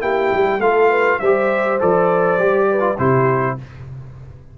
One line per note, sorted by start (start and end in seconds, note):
0.00 0.31 A#3
0.00 0.59 E4
0.00 0.60 G4
0.00 0.60 G5
0.32 0.59 G3
0.59 1.18 A3
0.59 1.21 F4
0.59 0.89 A4
0.59 1.19 F5
0.89 1.19 B4
1.19 1.80 G3
1.19 1.79 G4
1.19 2.68 C5
1.19 1.78 E5
1.79 2.38 F3
1.79 2.38 A4
1.79 2.97 D5
2.38 2.98 G3
2.38 2.79 G4
2.70 2.97 B4
2.79 2.94 F4
2.97 3.58 C3
2.97 3.58 E4
2.97 3.56 G4
2.97 3.57 C5